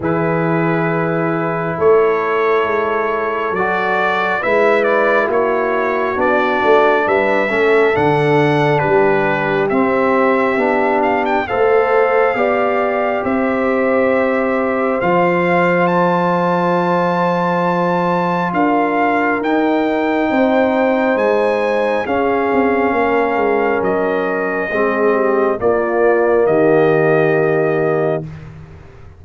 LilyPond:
<<
  \new Staff \with { instrumentName = "trumpet" } { \time 4/4 \tempo 4 = 68 b'2 cis''2 | d''4 e''8 d''8 cis''4 d''4 | e''4 fis''4 b'4 e''4~ | e''8 f''16 g''16 f''2 e''4~ |
e''4 f''4 a''2~ | a''4 f''4 g''2 | gis''4 f''2 dis''4~ | dis''4 d''4 dis''2 | }
  \new Staff \with { instrumentName = "horn" } { \time 4/4 gis'2 a'2~ | a'4 b'4 fis'2 | b'8 a'4. g'2~ | g'4 c''4 d''4 c''4~ |
c''1~ | c''4 ais'2 c''4~ | c''4 gis'4 ais'2 | gis'8 g'8 f'4 g'2 | }
  \new Staff \with { instrumentName = "trombone" } { \time 4/4 e'1 | fis'4 e'2 d'4~ | d'8 cis'8 d'2 c'4 | d'4 a'4 g'2~ |
g'4 f'2.~ | f'2 dis'2~ | dis'4 cis'2. | c'4 ais2. | }
  \new Staff \with { instrumentName = "tuba" } { \time 4/4 e2 a4 gis4 | fis4 gis4 ais4 b8 a8 | g8 a8 d4 g4 c'4 | b4 a4 b4 c'4~ |
c'4 f2.~ | f4 d'4 dis'4 c'4 | gis4 cis'8 c'8 ais8 gis8 fis4 | gis4 ais4 dis2 | }
>>